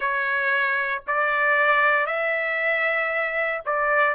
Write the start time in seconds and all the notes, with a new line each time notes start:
0.00 C#5
1.07 D5
2.06 E5
3.65 D5